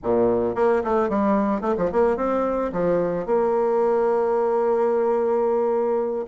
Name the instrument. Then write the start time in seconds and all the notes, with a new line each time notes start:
bassoon
0.03 A#2
0.55 A#3
0.84 A3
1.09 G3
1.61 A3
1.77 F3
1.91 A#3
2.17 C4
2.72 F3
3.26 A#3